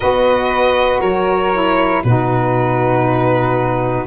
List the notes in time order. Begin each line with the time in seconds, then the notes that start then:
0.00 B3 F#4 B4 D#5
1.00 F#3 A#4 C#5
1.53 E4
2.03 B2 D#4 F#4 B4